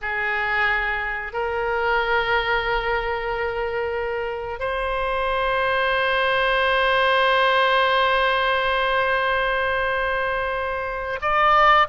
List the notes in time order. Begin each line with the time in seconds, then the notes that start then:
0.01 G#4
1.32 A#4
4.59 C5
11.21 D5